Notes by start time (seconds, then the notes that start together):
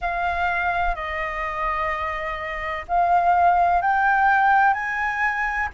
0.01 F5
0.95 D#5
2.87 F5
3.81 G5
4.73 G#5